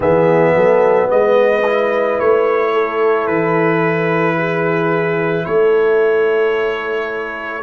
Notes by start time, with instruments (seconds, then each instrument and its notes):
0.00 tuba E3, trombone B3, horn G#4, trumpet E5
0.55 tuba F#3, horn A4
1.10 tuba G#3, horn B4, trumpet D#5
1.65 trombone E4
2.19 tuba A3, trumpet C#5
2.72 horn A4
3.27 tuba E3, trumpet B4
4.37 horn G#4
5.45 tuba A3, horn A4, trumpet C#5